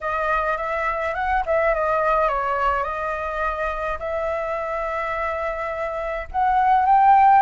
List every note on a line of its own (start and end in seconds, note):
0.01 0.57 D#5
0.57 1.14 E5
1.14 1.43 F#5
1.46 1.74 E5
1.74 2.28 D#5
2.28 2.83 C#5
2.83 3.97 D#5
3.99 6.27 E5
6.31 6.85 F#5
6.85 7.42 G5